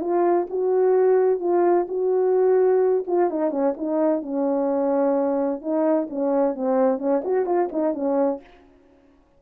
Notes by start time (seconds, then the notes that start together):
0.00 F4
0.49 F#4
1.40 F4
1.88 F#4
3.06 F4
3.30 D#4
3.50 C#4
3.77 D#4
4.22 C#4
5.61 D#4
6.09 C#4
6.55 C4
6.98 C#4
7.24 F#4
7.45 F4
7.72 D#4
7.94 C#4